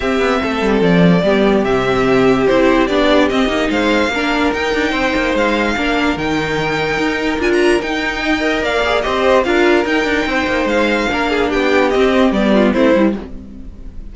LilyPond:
<<
  \new Staff \with { instrumentName = "violin" } { \time 4/4 \tempo 4 = 146 e''2 d''2 | e''2 c''4 d''4 | dis''4 f''2 g''4~ | g''4 f''2 g''4~ |
g''2 gis''16 ais''8. g''4~ | g''4 f''4 dis''4 f''4 | g''2 f''2 | g''4 dis''4 d''4 c''4 | }
  \new Staff \with { instrumentName = "violin" } { \time 4/4 g'4 a'2 g'4~ | g'1~ | g'4 c''4 ais'2 | c''2 ais'2~ |
ais'1 | dis''4 d''4 c''4 ais'4~ | ais'4 c''2 ais'8 gis'8 | g'2~ g'8 f'8 e'4 | }
  \new Staff \with { instrumentName = "viola" } { \time 4/4 c'2. b4 | c'2 e'4 d'4 | c'8 dis'4. d'4 dis'4~ | dis'2 d'4 dis'4~ |
dis'2 f'4 dis'4~ | dis'8 ais'4 gis'8 g'4 f'4 | dis'2. d'4~ | d'4 c'4 b4 c'8 e'8 | }
  \new Staff \with { instrumentName = "cello" } { \time 4/4 c'8 b8 a8 g8 f4 g4 | c2 c'4 b4 | c'8 ais8 gis4 ais4 dis'8 d'8 | c'8 ais8 gis4 ais4 dis4~ |
dis4 dis'4 d'4 dis'4~ | dis'4 ais4 c'4 d'4 | dis'8 d'8 c'8 ais8 gis4 ais4 | b4 c'4 g4 a8 g8 | }
>>